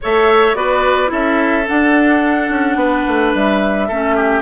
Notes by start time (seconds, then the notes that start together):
0.01 A3 A4 C#5 E5
0.54 B3 F#4 B4 D5
1.07 C#4 E4 A4 E5
1.66 D4 F#5
2.49 C#4
2.75 B3 B4
3.07 A3
3.34 G3 E5
3.87 A3 C#4 A4
4.15 G4